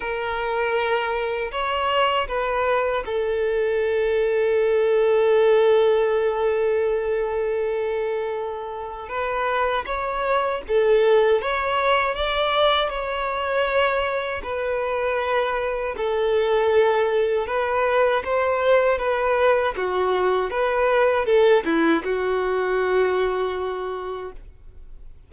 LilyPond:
\new Staff \with { instrumentName = "violin" } { \time 4/4 \tempo 4 = 79 ais'2 cis''4 b'4 | a'1~ | a'1 | b'4 cis''4 a'4 cis''4 |
d''4 cis''2 b'4~ | b'4 a'2 b'4 | c''4 b'4 fis'4 b'4 | a'8 e'8 fis'2. | }